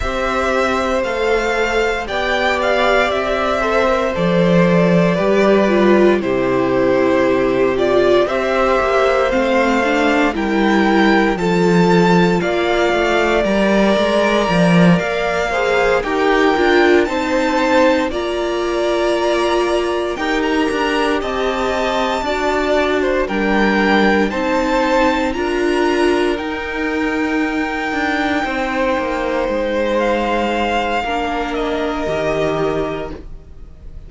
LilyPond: <<
  \new Staff \with { instrumentName = "violin" } { \time 4/4 \tempo 4 = 58 e''4 f''4 g''8 f''8 e''4 | d''2 c''4. d''8 | e''4 f''4 g''4 a''4 | f''4 ais''4. f''4 g''8~ |
g''8 a''4 ais''2 g''16 ais''16~ | ais''8 a''2 g''4 a''8~ | a''8 ais''4 g''2~ g''8~ | g''4 f''4. dis''4. | }
  \new Staff \with { instrumentName = "violin" } { \time 4/4 c''2 d''4. c''8~ | c''4 b'4 g'2 | c''2 ais'4 a'4 | d''2. c''8 ais'8~ |
ais'8 c''4 d''2 ais'8~ | ais'8 dis''4 d''8. c''16 ais'4 c''8~ | c''8 ais'2. c''8~ | c''2 ais'2 | }
  \new Staff \with { instrumentName = "viola" } { \time 4/4 g'4 a'4 g'4. a'16 ais'16 | a'4 g'8 f'8 e'4. f'8 | g'4 c'8 d'8 e'4 f'4~ | f'4 ais'2 gis'8 g'8 |
f'8 dis'4 f'2 g'8~ | g'4. fis'4 d'4 dis'8~ | dis'8 f'4 dis'2~ dis'8~ | dis'2 d'4 g'4 | }
  \new Staff \with { instrumentName = "cello" } { \time 4/4 c'4 a4 b4 c'4 | f4 g4 c2 | c'8 ais8 a4 g4 f4 | ais8 a8 g8 gis8 f8 ais4 dis'8 |
d'8 c'4 ais2 dis'8 | d'8 c'4 d'4 g4 c'8~ | c'8 d'4 dis'4. d'8 c'8 | ais8 gis4. ais4 dis4 | }
>>